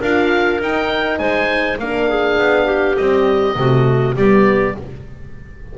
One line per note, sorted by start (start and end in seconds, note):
0.00 0.61 D4
0.00 0.60 F4
0.00 1.19 A#4
0.00 0.61 F5
0.60 1.79 D#4
0.60 1.19 D#4
0.60 1.19 G5
1.19 1.79 G#3
1.19 1.78 C5
1.19 1.78 G#5
1.79 2.38 A#3
1.79 2.98 D4
1.79 2.09 A#4
1.79 2.97 F5
2.09 2.65 G#4
2.38 2.98 B3
2.65 3.54 G4
2.97 3.57 G3
2.97 3.56 C4
2.97 4.15 D#5
3.56 4.15 C3
3.56 4.16 A3
3.56 4.15 F#4
4.15 4.75 G3
4.15 4.78 B3
4.15 4.75 G4
4.15 4.76 D5